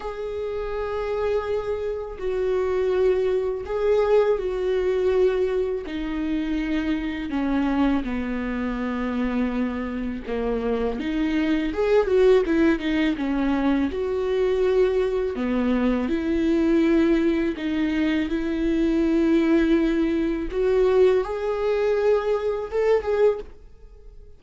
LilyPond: \new Staff \with { instrumentName = "viola" } { \time 4/4 \tempo 4 = 82 gis'2. fis'4~ | fis'4 gis'4 fis'2 | dis'2 cis'4 b4~ | b2 ais4 dis'4 |
gis'8 fis'8 e'8 dis'8 cis'4 fis'4~ | fis'4 b4 e'2 | dis'4 e'2. | fis'4 gis'2 a'8 gis'8 | }